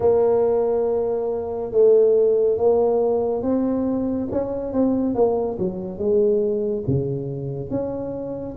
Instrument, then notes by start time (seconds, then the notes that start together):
tuba
0.00 A#3
1.71 A3
2.57 A#3
3.42 C4
4.31 C#4
4.73 C4
5.14 A#3
5.59 F#3
5.98 G#3
6.87 C#3
7.70 C#4